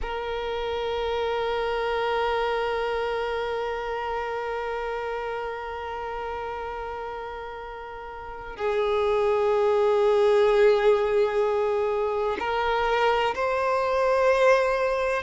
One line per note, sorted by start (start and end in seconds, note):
0.01 8.56 A#4
8.56 12.37 G#4
12.39 13.34 A#4
13.34 15.22 C5